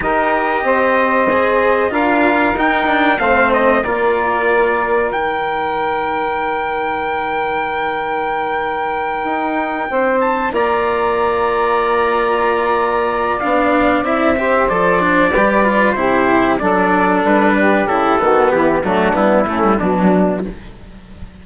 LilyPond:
<<
  \new Staff \with { instrumentName = "trumpet" } { \time 4/4 \tempo 4 = 94 dis''2. f''4 | g''4 f''8 dis''8 d''2 | g''1~ | g''1 |
a''8 ais''2.~ ais''8~ | ais''4 f''4 e''4 d''4~ | d''4 c''4 d''4 b'4 | a'4 g'8 fis'8 e'4 d'4 | }
  \new Staff \with { instrumentName = "saxophone" } { \time 4/4 ais'4 c''2 ais'4~ | ais'4 c''4 ais'2~ | ais'1~ | ais'2.~ ais'8 c''8~ |
c''8 d''2.~ d''8~ | d''2~ d''8 c''4. | b'4 g'4 a'4. g'8~ | g'8 fis'8 e'8 d'4 cis'8 d'4 | }
  \new Staff \with { instrumentName = "cello" } { \time 4/4 g'2 gis'4 f'4 | dis'8 d'8 c'4 f'2 | dis'1~ | dis'1~ |
dis'8 f'2.~ f'8~ | f'4 d'4 e'8 g'8 a'8 d'8 | g'8 f'8 e'4 d'2 | e'8 b4 a8 b8 a16 g16 fis4 | }
  \new Staff \with { instrumentName = "bassoon" } { \time 4/4 dis'4 c'2 d'4 | dis'4 a4 ais2 | dis1~ | dis2~ dis8 dis'4 c'8~ |
c'8 ais2.~ ais8~ | ais4 b4 c'4 f4 | g4 c4 fis4 g4 | cis8 dis8 e8 fis8 g8 a8 b,4 | }
>>